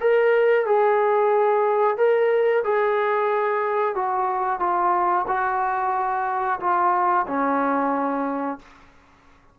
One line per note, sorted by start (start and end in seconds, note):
0.00 0.66 A#4
0.66 1.97 G#4
1.97 2.63 A#4
2.64 3.95 G#4
3.95 4.59 F#4
4.59 5.25 F4
5.27 6.59 F#4
6.60 7.26 F4
7.27 8.59 C#4